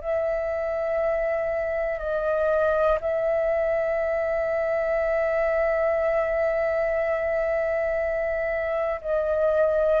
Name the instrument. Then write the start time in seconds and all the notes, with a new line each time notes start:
flute
0.00 E5
1.98 D#5
3.00 E5
9.01 D#5